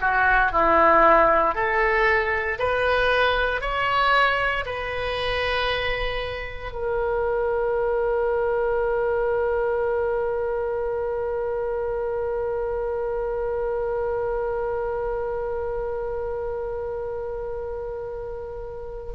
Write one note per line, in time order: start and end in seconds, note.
0.00 0.51 F#4
0.51 1.55 E4
1.55 2.58 A4
2.59 3.61 B4
3.61 4.65 C#5
4.65 6.72 B4
6.72 19.13 A#4